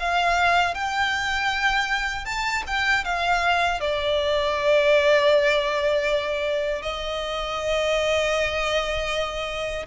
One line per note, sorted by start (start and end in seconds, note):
0.00 0.74 F5
0.74 2.25 G5
2.25 2.63 A5
2.67 3.05 G5
3.05 3.81 F5
3.81 6.82 D5
6.82 9.86 D#5